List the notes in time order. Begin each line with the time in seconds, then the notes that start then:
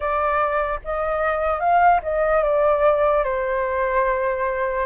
0.00 D5
0.84 D#5
1.60 F5
2.02 D#5
2.43 D5
3.24 C5